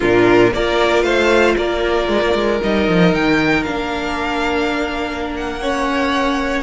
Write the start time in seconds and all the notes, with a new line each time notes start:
0.00 A#2 D4 F4 A#4
0.53 A#3 F4 A#4 D5
1.02 A3 C5 F5
1.56 A#3 A#4 D5
2.08 G#3
2.21 A#3
2.34 G#3
2.61 G3 D#4 D#5
2.87 F3
3.14 D#3 G5
3.63 A#3 D4 F5
5.36 F#5
5.61 C#4 C#5